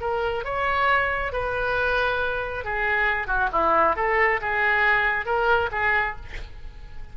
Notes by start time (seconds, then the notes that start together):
0.00 A#4
0.44 C#5
1.32 B4
2.64 G#4
3.27 F#4
3.52 E4
3.96 A4
4.41 G#4
5.25 A#4
5.71 G#4